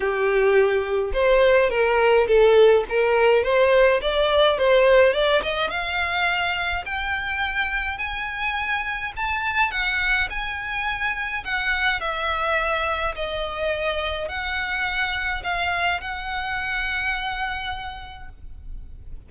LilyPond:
\new Staff \with { instrumentName = "violin" } { \time 4/4 \tempo 4 = 105 g'2 c''4 ais'4 | a'4 ais'4 c''4 d''4 | c''4 d''8 dis''8 f''2 | g''2 gis''2 |
a''4 fis''4 gis''2 | fis''4 e''2 dis''4~ | dis''4 fis''2 f''4 | fis''1 | }